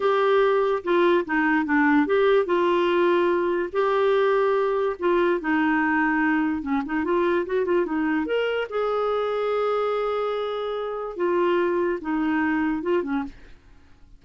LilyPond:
\new Staff \with { instrumentName = "clarinet" } { \time 4/4 \tempo 4 = 145 g'2 f'4 dis'4 | d'4 g'4 f'2~ | f'4 g'2. | f'4 dis'2. |
cis'8 dis'8 f'4 fis'8 f'8 dis'4 | ais'4 gis'2.~ | gis'2. f'4~ | f'4 dis'2 f'8 cis'8 | }